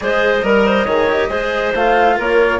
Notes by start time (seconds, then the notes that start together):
0.00 G#3 G#4 C5 D#5
0.42 G3 A#4
0.66 C5
0.85 D#3 G#4 C#5
1.09 G4
1.29 G#3 G#4 C5
1.74 A3 F4 F5
2.17 A#3 A#4 C#5